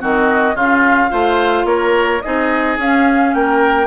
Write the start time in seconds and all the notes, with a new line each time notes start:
0.00 D#3 C4 F#4 D#5
0.54 C#3 C#4 F4 F5
1.09 A3 F4 C5
1.64 A#3 A#4 C#5
2.21 C4 D#4 G#4 D#5
2.77 C#4 F5
3.34 A#3 A#4 G5